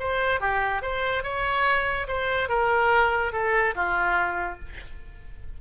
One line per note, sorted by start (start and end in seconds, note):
0.00 0.41 C5
0.41 0.82 G4
0.82 1.24 C5
1.24 2.08 C#5
2.08 2.49 C5
2.49 3.33 A#4
3.33 3.75 A4
3.76 4.59 F4